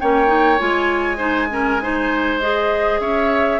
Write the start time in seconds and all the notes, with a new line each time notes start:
0.00 A#3 C#4 C#5 G5
0.27 D#4
0.59 G#3 F4 G#5
1.18 D#4 C5
1.51 C#4 A#4
1.81 D#4 C5
2.40 G#4 D#5
3.00 C#4 C#5 E5